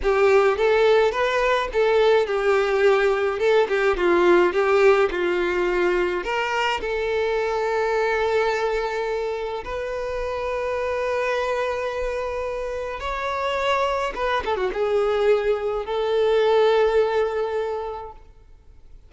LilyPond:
\new Staff \with { instrumentName = "violin" } { \time 4/4 \tempo 4 = 106 g'4 a'4 b'4 a'4 | g'2 a'8 g'8 f'4 | g'4 f'2 ais'4 | a'1~ |
a'4 b'2.~ | b'2. cis''4~ | cis''4 b'8 a'16 fis'16 gis'2 | a'1 | }